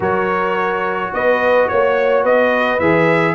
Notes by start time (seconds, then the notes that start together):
0.00 F#3 F#4 A#4 C#5
1.13 B3 B4 D#5
1.67 A#3 C#5
2.23 B3 B4 D#5
2.79 E3 G#4 E5